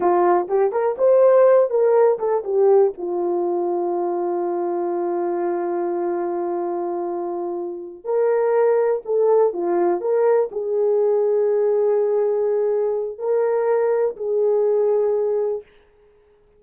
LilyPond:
\new Staff \with { instrumentName = "horn" } { \time 4/4 \tempo 4 = 123 f'4 g'8 ais'8 c''4. ais'8~ | ais'8 a'8 g'4 f'2~ | f'1~ | f'1~ |
f'8 ais'2 a'4 f'8~ | f'8 ais'4 gis'2~ gis'8~ | gis'2. ais'4~ | ais'4 gis'2. | }